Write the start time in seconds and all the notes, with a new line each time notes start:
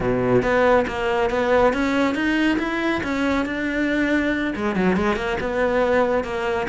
0.00 B2
0.42 B3
0.87 A#3
1.30 B3
1.73 C#4
2.14 D#4
2.58 E4
3.03 C#4
3.45 D4
4.55 G#3
4.75 F#3
4.95 G#3
5.16 A#3
5.40 B3
6.24 A#3